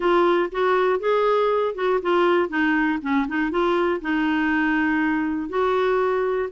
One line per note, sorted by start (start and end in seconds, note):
0.00 0.50 F4
0.51 0.99 F#4
0.99 1.74 G#4
1.75 2.00 F#4
2.02 2.49 F4
2.49 2.99 D#4
3.01 3.26 C#4
3.27 3.50 D#4
3.50 4.00 F4
4.01 5.49 D#4
5.49 6.49 F#4